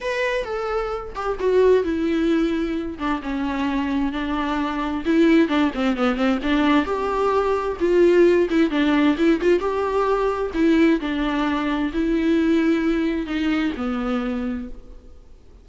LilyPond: \new Staff \with { instrumentName = "viola" } { \time 4/4 \tempo 4 = 131 b'4 a'4. g'8 fis'4 | e'2~ e'8 d'8 cis'4~ | cis'4 d'2 e'4 | d'8 c'8 b8 c'8 d'4 g'4~ |
g'4 f'4. e'8 d'4 | e'8 f'8 g'2 e'4 | d'2 e'2~ | e'4 dis'4 b2 | }